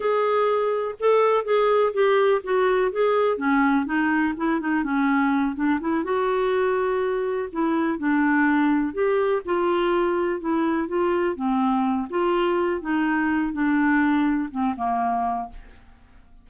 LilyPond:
\new Staff \with { instrumentName = "clarinet" } { \time 4/4 \tempo 4 = 124 gis'2 a'4 gis'4 | g'4 fis'4 gis'4 cis'4 | dis'4 e'8 dis'8 cis'4. d'8 | e'8 fis'2. e'8~ |
e'8 d'2 g'4 f'8~ | f'4. e'4 f'4 c'8~ | c'4 f'4. dis'4. | d'2 c'8 ais4. | }